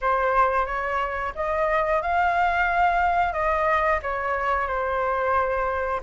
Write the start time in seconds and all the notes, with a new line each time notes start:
0.01 C5
0.66 C#5
1.35 D#5
2.02 F5
3.32 D#5
4.02 C#5
4.67 C5